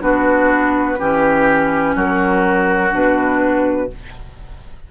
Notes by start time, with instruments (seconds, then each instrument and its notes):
0.00 bassoon B3, clarinet D4, oboe F#4, flute B4
0.97 bassoon E3, clarinet C#4, oboe G4
1.95 bassoon F#3, oboe F#4, flute A#4
2.91 bassoon B2, clarinet D4, flute B4